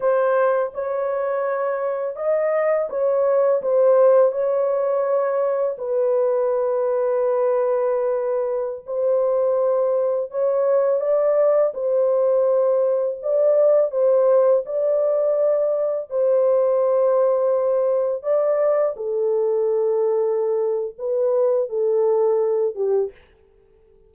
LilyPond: \new Staff \with { instrumentName = "horn" } { \time 4/4 \tempo 4 = 83 c''4 cis''2 dis''4 | cis''4 c''4 cis''2 | b'1~ | b'16 c''2 cis''4 d''8.~ |
d''16 c''2 d''4 c''8.~ | c''16 d''2 c''4.~ c''16~ | c''4~ c''16 d''4 a'4.~ a'16~ | a'4 b'4 a'4. g'8 | }